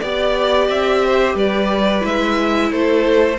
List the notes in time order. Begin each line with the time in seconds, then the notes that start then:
0.00 B3 G4 D5
0.68 C4 E5
1.05 C5
1.34 G3 B4 D5
2.00 G#3 E4 E5
2.71 A3 A4 C5